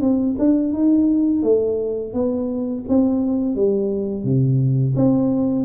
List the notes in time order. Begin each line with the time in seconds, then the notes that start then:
0.00 C4
0.38 D4
0.73 D#4
1.42 A3
2.13 B3
2.88 C4
3.55 G3
4.24 C3
4.95 C4